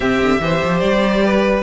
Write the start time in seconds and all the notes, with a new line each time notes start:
0.00 C3 C4 G4 E5
0.21 D3
0.39 E3 G4 C5
0.64 F3
0.79 G3 D5
1.25 B4